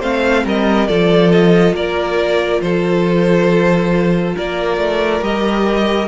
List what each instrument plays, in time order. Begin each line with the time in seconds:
0.00 cello A3, viola C4, violin C5 F5
0.45 cello G3, violin A#4 D#5
0.88 cello F3, viola F4, violin A4 D5
1.32 violin D#5
1.74 cello A#3, violin A#4 D5
2.62 cello F3, violin A4 C5
4.36 cello A#3, violin A#4 D5
4.78 cello A3
5.22 cello G3, viola G4, violin D#5